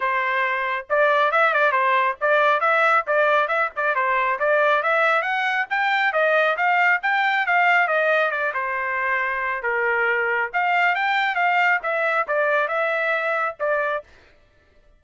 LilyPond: \new Staff \with { instrumentName = "trumpet" } { \time 4/4 \tempo 4 = 137 c''2 d''4 e''8 d''8 | c''4 d''4 e''4 d''4 | e''8 d''8 c''4 d''4 e''4 | fis''4 g''4 dis''4 f''4 |
g''4 f''4 dis''4 d''8 c''8~ | c''2 ais'2 | f''4 g''4 f''4 e''4 | d''4 e''2 d''4 | }